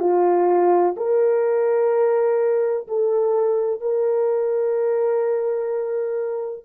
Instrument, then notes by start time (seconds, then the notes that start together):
horn
0.00 F4
0.97 A#4
2.88 A4
3.81 A#4